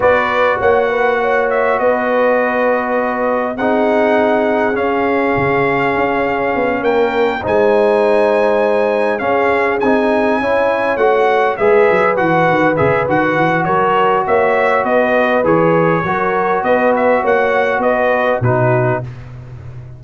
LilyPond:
<<
  \new Staff \with { instrumentName = "trumpet" } { \time 4/4 \tempo 4 = 101 d''4 fis''4. e''8 dis''4~ | dis''2 fis''2 | f''2.~ f''8 g''8~ | g''8 gis''2. f''8~ |
f''8 gis''2 fis''4 e''8~ | e''8 fis''4 e''8 fis''4 cis''4 | e''4 dis''4 cis''2 | dis''8 e''8 fis''4 dis''4 b'4 | }
  \new Staff \with { instrumentName = "horn" } { \time 4/4 b'4 cis''8 b'8 cis''4 b'4~ | b'2 gis'2~ | gis'2.~ gis'8 ais'8~ | ais'8 c''2. gis'8~ |
gis'4. cis''2 b'8~ | b'2. ais'4 | cis''4 b'2 ais'4 | b'4 cis''4 b'4 fis'4 | }
  \new Staff \with { instrumentName = "trombone" } { \time 4/4 fis'1~ | fis'2 dis'2 | cis'1~ | cis'8 dis'2. cis'8~ |
cis'8 dis'4 e'4 fis'4 gis'8~ | gis'8 fis'4 gis'8 fis'2~ | fis'2 gis'4 fis'4~ | fis'2. dis'4 | }
  \new Staff \with { instrumentName = "tuba" } { \time 4/4 b4 ais2 b4~ | b2 c'2 | cis'4 cis4 cis'4 b8 ais8~ | ais8 gis2. cis'8~ |
cis'8 c'4 cis'4 a4 gis8 | fis8 e8 dis8 cis8 dis8 e8 fis4 | ais4 b4 e4 fis4 | b4 ais4 b4 b,4 | }
>>